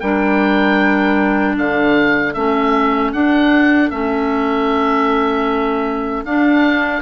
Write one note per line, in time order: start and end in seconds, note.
0.00 1.57 G3
0.00 2.37 D4
0.00 1.54 A#4
0.00 1.56 G5
1.54 2.35 D3
1.54 7.00 A4
1.54 2.34 F5
2.34 3.12 A3
2.34 3.14 C#4
2.34 3.12 E5
3.12 3.90 D4
3.12 3.91 D4
3.12 3.90 F#5
3.90 6.24 A3
3.90 6.25 C#4
3.90 6.24 E5
6.24 7.02 D4
6.24 7.02 F5